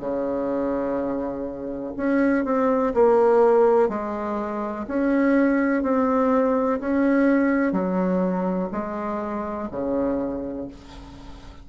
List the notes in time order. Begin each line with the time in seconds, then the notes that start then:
0.00 C#3
1.97 C#4
2.45 C4
2.94 A#3
3.89 G#3
4.88 C#4
5.83 C4
6.80 C#4
7.72 F#3
8.72 G#3
9.72 C#3